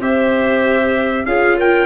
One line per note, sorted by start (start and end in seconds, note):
0.00 1.25 C4
0.00 1.26 G4
0.00 1.25 C5
0.00 1.26 E5
1.26 1.85 C#4
1.26 1.85 F4
1.26 1.57 G#4
1.26 1.57 F5
1.57 1.85 A#4
1.57 1.85 G5